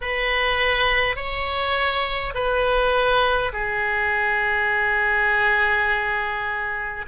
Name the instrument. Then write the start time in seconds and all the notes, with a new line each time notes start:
oboe
0.01 B4
1.16 C#5
2.34 B4
3.52 G#4